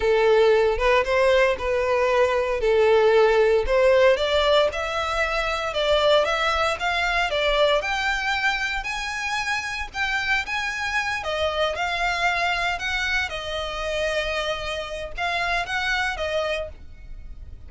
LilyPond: \new Staff \with { instrumentName = "violin" } { \time 4/4 \tempo 4 = 115 a'4. b'8 c''4 b'4~ | b'4 a'2 c''4 | d''4 e''2 d''4 | e''4 f''4 d''4 g''4~ |
g''4 gis''2 g''4 | gis''4. dis''4 f''4.~ | f''8 fis''4 dis''2~ dis''8~ | dis''4 f''4 fis''4 dis''4 | }